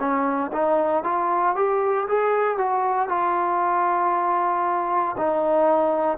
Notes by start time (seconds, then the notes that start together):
0.00 C#4
0.53 D#4
1.04 F4
1.56 G4
2.08 G#4
2.58 F#4
3.09 F4
5.18 D#4